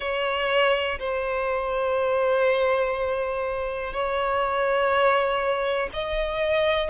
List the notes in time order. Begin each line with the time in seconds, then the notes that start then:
0.00 C#5
0.99 C5
3.93 C#5
5.93 D#5